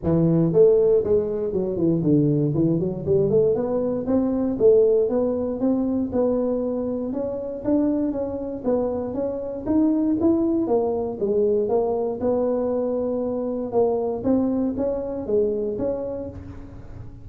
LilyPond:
\new Staff \with { instrumentName = "tuba" } { \time 4/4 \tempo 4 = 118 e4 a4 gis4 fis8 e8 | d4 e8 fis8 g8 a8 b4 | c'4 a4 b4 c'4 | b2 cis'4 d'4 |
cis'4 b4 cis'4 dis'4 | e'4 ais4 gis4 ais4 | b2. ais4 | c'4 cis'4 gis4 cis'4 | }